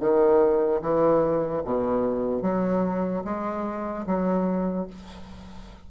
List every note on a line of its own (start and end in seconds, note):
0.00 0.81 D#3
0.81 1.63 E3
1.64 2.42 B2
2.42 3.23 F#3
3.24 4.05 G#3
4.06 4.87 F#3